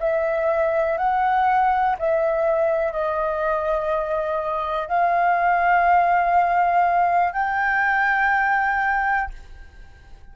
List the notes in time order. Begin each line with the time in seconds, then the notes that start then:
0.00 E5
0.97 F#5
1.99 E5
2.92 D#5
4.88 F5
7.33 G5